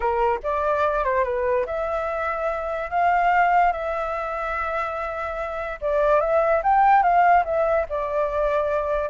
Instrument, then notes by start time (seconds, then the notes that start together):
flute
0.00 A#4
0.43 D5
1.04 C5
1.24 B4
1.66 E5
2.90 F5
3.72 E5
5.81 D5
6.20 E5
6.63 G5
7.02 F5
7.44 E5
7.89 D5